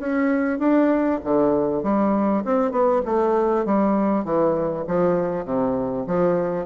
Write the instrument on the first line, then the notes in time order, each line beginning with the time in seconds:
bassoon
0.00 C#4
0.60 D4
1.25 D3
1.83 G3
2.45 C4
2.72 B3
3.06 A3
3.66 G3
4.25 E3
4.88 F3
5.45 C3
6.08 F3